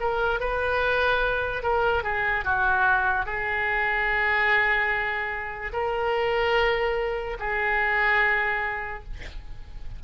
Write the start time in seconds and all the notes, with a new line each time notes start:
0.00 A#4
0.40 B4
1.63 A#4
2.03 G#4
2.44 F#4
3.25 G#4
5.73 A#4
7.39 G#4